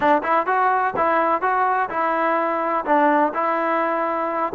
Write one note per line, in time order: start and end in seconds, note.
0.00 0.22 D4
0.23 0.46 E4
0.46 0.94 F#4
0.96 1.41 E4
1.41 1.89 F#4
1.89 2.84 E4
2.85 3.32 D4
3.34 4.53 E4